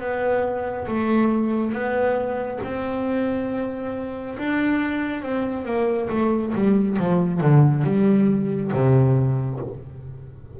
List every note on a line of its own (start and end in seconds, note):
0.00 0.87 B3
0.87 1.72 A3
1.72 2.59 B3
2.63 4.37 C4
4.38 5.22 D4
5.22 5.65 C4
5.65 6.08 A#3
6.09 6.53 A3
6.54 6.97 G3
6.98 7.40 F3
7.40 7.84 D3
7.84 8.71 G3
8.73 9.60 C3